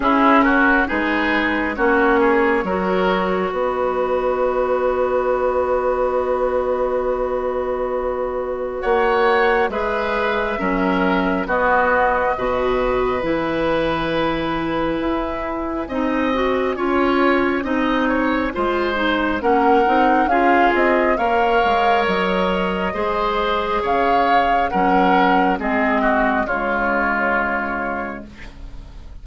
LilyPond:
<<
  \new Staff \with { instrumentName = "flute" } { \time 4/4 \tempo 4 = 68 gis'8 ais'8 b'4 cis''2 | dis''1~ | dis''2 fis''4 e''4~ | e''4 dis''2 gis''4~ |
gis''1~ | gis''2 fis''4 f''8 dis''8 | f''4 dis''2 f''4 | fis''4 dis''4 cis''2 | }
  \new Staff \with { instrumentName = "oboe" } { \time 4/4 e'8 fis'8 gis'4 fis'8 gis'8 ais'4 | b'1~ | b'2 cis''4 b'4 | ais'4 fis'4 b'2~ |
b'2 dis''4 cis''4 | dis''8 cis''8 c''4 ais'4 gis'4 | cis''2 c''4 cis''4 | ais'4 gis'8 fis'8 f'2 | }
  \new Staff \with { instrumentName = "clarinet" } { \time 4/4 cis'4 dis'4 cis'4 fis'4~ | fis'1~ | fis'2. gis'4 | cis'4 b4 fis'4 e'4~ |
e'2 dis'8 fis'8 f'4 | dis'4 f'8 dis'8 cis'8 dis'8 f'4 | ais'2 gis'2 | cis'4 c'4 gis2 | }
  \new Staff \with { instrumentName = "bassoon" } { \time 4/4 cis'4 gis4 ais4 fis4 | b1~ | b2 ais4 gis4 | fis4 b4 b,4 e4~ |
e4 e'4 c'4 cis'4 | c'4 gis4 ais8 c'8 cis'8 c'8 | ais8 gis8 fis4 gis4 cis4 | fis4 gis4 cis2 | }
>>